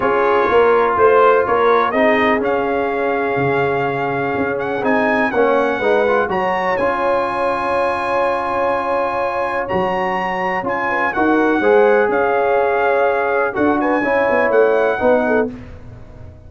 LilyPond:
<<
  \new Staff \with { instrumentName = "trumpet" } { \time 4/4 \tempo 4 = 124 cis''2 c''4 cis''4 | dis''4 f''2.~ | f''4. fis''8 gis''4 fis''4~ | fis''4 ais''4 gis''2~ |
gis''1 | ais''2 gis''4 fis''4~ | fis''4 f''2. | fis''8 gis''4. fis''2 | }
  \new Staff \with { instrumentName = "horn" } { \time 4/4 gis'4 ais'4 c''4 ais'4 | gis'1~ | gis'2. cis''4 | b'4 cis''2.~ |
cis''1~ | cis''2~ cis''8 b'8 ais'4 | c''4 cis''2. | a'8 b'8 cis''2 b'8 a'8 | }
  \new Staff \with { instrumentName = "trombone" } { \time 4/4 f'1 | dis'4 cis'2.~ | cis'2 dis'4 cis'4 | dis'8 f'8 fis'4 f'2~ |
f'1 | fis'2 f'4 fis'4 | gis'1 | fis'4 e'2 dis'4 | }
  \new Staff \with { instrumentName = "tuba" } { \time 4/4 cis'4 ais4 a4 ais4 | c'4 cis'2 cis4~ | cis4 cis'4 c'4 ais4 | gis4 fis4 cis'2~ |
cis'1 | fis2 cis'4 dis'4 | gis4 cis'2. | d'4 cis'8 b8 a4 b4 | }
>>